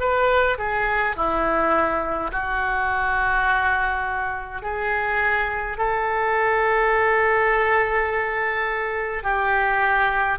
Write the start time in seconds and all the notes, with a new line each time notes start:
0.00 B4
0.58 G#4
1.16 E4
2.32 F#4
4.62 G#4
5.77 A4
9.23 G4